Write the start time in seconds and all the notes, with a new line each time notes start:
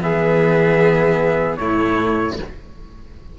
0.00 E3 B3 G#4 E5
1.57 A2 A3 E4 C#5